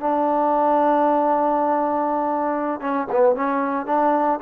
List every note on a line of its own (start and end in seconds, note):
0.00 2.81 D4
2.81 3.07 C#4
3.12 3.36 B3
3.36 3.86 C#4
3.86 4.40 D4